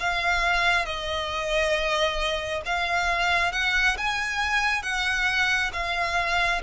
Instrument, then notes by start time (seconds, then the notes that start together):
violin
0.00 F5
0.85 D#5
2.66 F5
3.53 F#5
3.97 G#5
4.83 F#5
5.73 F5